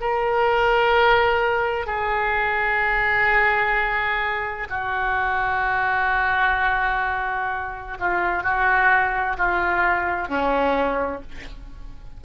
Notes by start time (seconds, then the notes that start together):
0.00 A#4
1.86 G#4
4.69 F#4
7.99 F4
8.43 F#4
9.37 F4
10.28 C#4